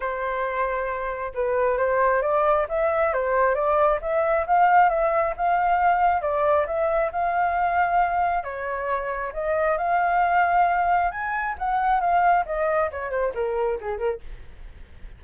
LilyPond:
\new Staff \with { instrumentName = "flute" } { \time 4/4 \tempo 4 = 135 c''2. b'4 | c''4 d''4 e''4 c''4 | d''4 e''4 f''4 e''4 | f''2 d''4 e''4 |
f''2. cis''4~ | cis''4 dis''4 f''2~ | f''4 gis''4 fis''4 f''4 | dis''4 cis''8 c''8 ais'4 gis'8 ais'8 | }